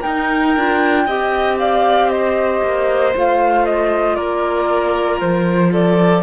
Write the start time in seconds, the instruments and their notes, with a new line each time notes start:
0.00 clarinet D#4, cello D#4, violin A#4, flute G5
0.56 cello D4, clarinet F4
1.06 cello C4, clarinet G4, violin D#5
1.59 violin D5, flute F5
2.09 violin C5, flute D#5
2.62 cello A#3
3.14 cello A3, clarinet F4, flute F5
3.65 flute D#5
4.15 cello A#3, violin A#4, flute D5
5.20 cello F3, flute C5
5.72 violin A4, flute D5